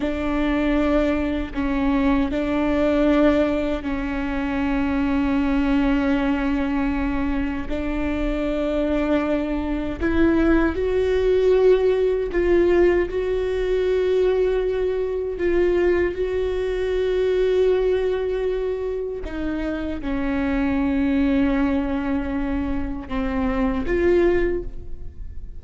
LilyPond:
\new Staff \with { instrumentName = "viola" } { \time 4/4 \tempo 4 = 78 d'2 cis'4 d'4~ | d'4 cis'2.~ | cis'2 d'2~ | d'4 e'4 fis'2 |
f'4 fis'2. | f'4 fis'2.~ | fis'4 dis'4 cis'2~ | cis'2 c'4 f'4 | }